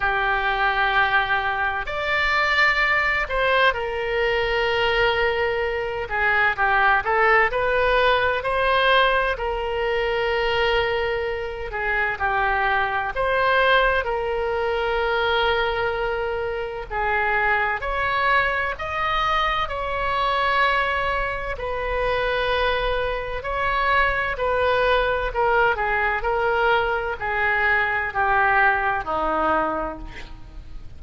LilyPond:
\new Staff \with { instrumentName = "oboe" } { \time 4/4 \tempo 4 = 64 g'2 d''4. c''8 | ais'2~ ais'8 gis'8 g'8 a'8 | b'4 c''4 ais'2~ | ais'8 gis'8 g'4 c''4 ais'4~ |
ais'2 gis'4 cis''4 | dis''4 cis''2 b'4~ | b'4 cis''4 b'4 ais'8 gis'8 | ais'4 gis'4 g'4 dis'4 | }